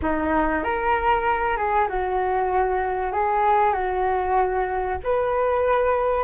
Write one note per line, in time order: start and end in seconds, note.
0.02 0.63 D#4
0.63 1.56 A#4
1.56 1.88 G#4
1.88 3.12 F#4
3.12 3.73 G#4
3.73 4.98 F#4
5.03 6.23 B4